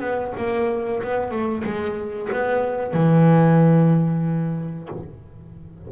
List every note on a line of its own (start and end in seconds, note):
0.00 0.33 B3
0.37 1.03 A#3
1.03 1.31 B3
1.31 1.64 A3
1.65 2.30 G#3
2.33 2.93 B3
2.93 4.89 E3